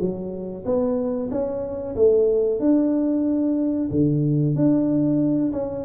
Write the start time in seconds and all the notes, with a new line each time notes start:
0.00 F#3
0.65 B3
1.31 C#4
1.96 A3
2.60 D4
3.91 D3
4.55 D4
5.52 C#4